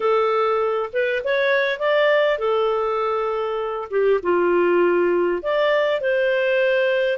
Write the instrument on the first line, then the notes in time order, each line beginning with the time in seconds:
clarinet
0.00 A4
0.92 B4
1.24 C#5
1.79 D5
2.38 A4
3.90 G4
4.22 F4
5.42 D5
6.01 C5